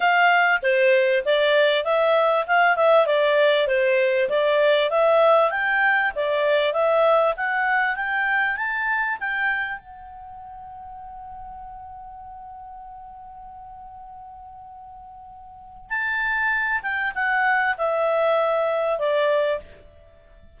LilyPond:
\new Staff \with { instrumentName = "clarinet" } { \time 4/4 \tempo 4 = 98 f''4 c''4 d''4 e''4 | f''8 e''8 d''4 c''4 d''4 | e''4 g''4 d''4 e''4 | fis''4 g''4 a''4 g''4 |
fis''1~ | fis''1~ | fis''2 a''4. g''8 | fis''4 e''2 d''4 | }